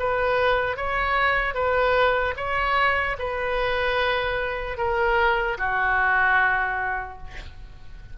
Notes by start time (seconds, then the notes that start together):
0.00 B4
0.77 C#5
1.55 B4
2.37 C#5
3.19 B4
4.78 A#4
5.58 F#4